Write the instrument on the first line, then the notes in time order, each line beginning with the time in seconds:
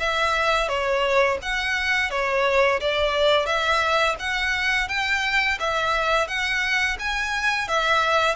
violin
0.00 E5
0.68 C#5
1.42 F#5
2.11 C#5
2.81 D5
3.46 E5
4.19 F#5
4.89 G5
5.60 E5
6.28 F#5
7.00 G#5
7.68 E5